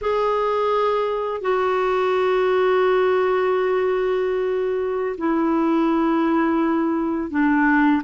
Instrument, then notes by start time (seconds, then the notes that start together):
clarinet
0.01 G#4
1.41 F#4
5.17 E4
7.30 D4